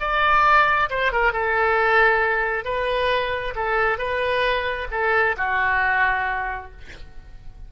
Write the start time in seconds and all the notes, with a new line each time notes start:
0.00 D5
0.90 C5
1.12 A#4
1.33 A4
2.64 B4
3.55 A4
3.98 B4
4.91 A4
5.37 F#4